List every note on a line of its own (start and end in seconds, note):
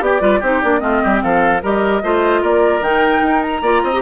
0.00 0.21 B3
0.00 0.20 G4
0.00 0.21 G4
0.00 0.42 D5
0.20 0.41 G3
0.20 0.40 F4
0.20 0.39 B4
0.39 0.61 C4
0.39 0.63 D#4
0.39 0.79 G4
0.39 0.61 C5
0.61 0.81 A#3
0.61 0.79 D4
0.61 0.80 D5
0.79 1.01 A3
0.79 1.59 C4
0.79 1.02 F4
0.79 1.20 D#5
1.02 1.23 G3
1.02 1.22 G4
1.22 1.62 F3
1.22 1.62 A4
1.22 1.62 F5
1.62 2.02 G3
1.62 2.02 G4
1.62 2.02 A#4
1.62 2.43 D#5
2.02 2.42 A3
2.02 2.82 F4
2.02 2.41 C5
2.41 2.80 A#3
2.41 3.61 A#4
2.41 2.83 D5
2.80 3.20 D#3
2.80 3.62 D#4
2.80 3.42 G5
3.21 3.61 D#4
3.42 4.01 A#5
3.61 3.81 A#3
3.61 3.93 F4
3.61 3.82 D5
3.83 4.01 C4
3.83 4.01 D#5
3.93 4.01 G4